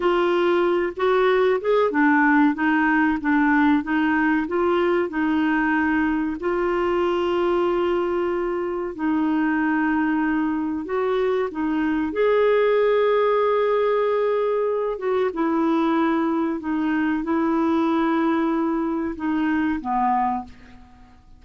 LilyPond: \new Staff \with { instrumentName = "clarinet" } { \time 4/4 \tempo 4 = 94 f'4. fis'4 gis'8 d'4 | dis'4 d'4 dis'4 f'4 | dis'2 f'2~ | f'2 dis'2~ |
dis'4 fis'4 dis'4 gis'4~ | gis'2.~ gis'8 fis'8 | e'2 dis'4 e'4~ | e'2 dis'4 b4 | }